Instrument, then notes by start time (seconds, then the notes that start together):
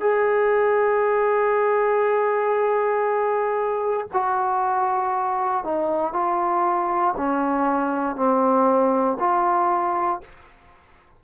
trombone
0.00 G#4
4.13 F#4
5.64 D#4
6.13 F4
7.17 C#4
8.15 C4
9.19 F4